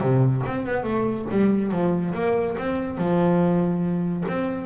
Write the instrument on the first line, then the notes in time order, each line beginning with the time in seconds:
double bass
0.00 C3
0.46 C4
0.66 B3
0.83 A3
1.31 G3
1.71 F3
2.14 A#3
2.58 C4
2.97 F3
4.28 C4